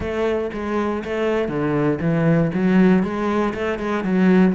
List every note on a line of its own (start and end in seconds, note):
0.00 0.50 A3
0.53 1.03 G#3
1.04 1.48 A3
1.48 1.98 D3
2.00 2.51 E3
2.53 3.03 F#3
3.03 3.53 G#3
3.53 3.78 A3
3.78 4.04 G#3
4.04 4.54 F#3